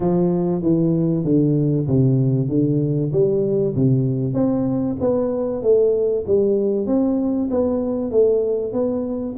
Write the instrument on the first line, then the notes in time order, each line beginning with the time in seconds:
tuba
0.00 F3
0.62 E3
1.24 D3
1.87 C3
2.49 D3
3.12 G3
3.75 C3
4.33 C4
5.00 B3
5.62 A3
6.26 G3
6.86 C4
7.50 B3
8.11 A3
8.72 B3